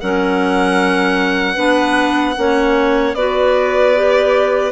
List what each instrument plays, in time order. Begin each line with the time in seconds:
0.00 bassoon F#3, clarinet C#4 A#4, violin F#5
1.54 bassoon B3, clarinet D4 B4
2.36 bassoon A#3, clarinet C#4 C#5
3.14 bassoon B3, clarinet F#4 B4, violin D5
3.95 clarinet G4